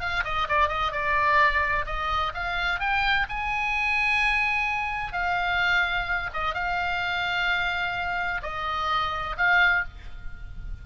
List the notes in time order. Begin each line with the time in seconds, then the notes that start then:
0.00 F5
0.24 D#5
0.48 D5
0.68 D#5
0.91 D5
1.85 D#5
2.34 F5
2.80 G5
3.29 G#5
5.12 F5
6.33 D#5
6.54 F5
8.42 D#5
9.37 F5